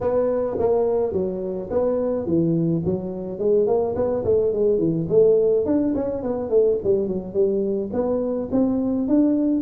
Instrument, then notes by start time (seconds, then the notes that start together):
tuba
0.00 B3
0.58 A#3
1.12 F#3
1.70 B3
2.25 E3
2.84 F#3
3.38 G#3
3.66 A#3
3.95 B3
4.24 A3
4.52 G#3
4.78 E3
5.08 A3
5.65 D4
5.94 C#4
6.22 B3
6.49 A3
6.83 G3
7.07 F#3
7.33 G3
7.92 B3
8.51 C4
9.08 D4